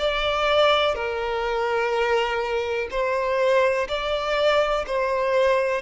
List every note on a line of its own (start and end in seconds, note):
0.00 0.95 D5
0.95 2.89 A#4
2.91 3.88 C5
3.89 4.86 D5
4.87 5.82 C5